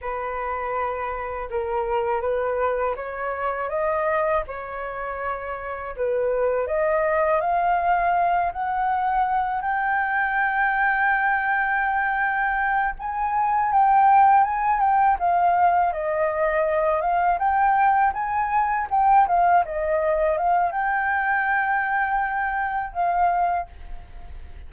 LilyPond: \new Staff \with { instrumentName = "flute" } { \time 4/4 \tempo 4 = 81 b'2 ais'4 b'4 | cis''4 dis''4 cis''2 | b'4 dis''4 f''4. fis''8~ | fis''4 g''2.~ |
g''4. gis''4 g''4 gis''8 | g''8 f''4 dis''4. f''8 g''8~ | g''8 gis''4 g''8 f''8 dis''4 f''8 | g''2. f''4 | }